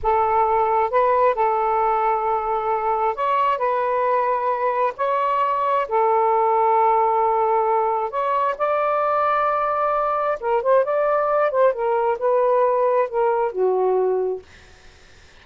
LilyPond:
\new Staff \with { instrumentName = "saxophone" } { \time 4/4 \tempo 4 = 133 a'2 b'4 a'4~ | a'2. cis''4 | b'2. cis''4~ | cis''4 a'2.~ |
a'2 cis''4 d''4~ | d''2. ais'8 c''8 | d''4. c''8 ais'4 b'4~ | b'4 ais'4 fis'2 | }